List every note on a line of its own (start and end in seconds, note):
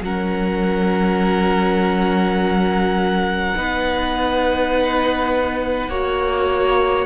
0.00 3.53 F#3
0.00 3.55 C#4
0.00 3.57 A#4
0.00 7.06 F#5
3.55 5.88 B3
3.55 5.90 D#4
3.55 5.89 B4
5.88 7.06 A#3
5.88 7.06 F#4
5.88 7.06 C#5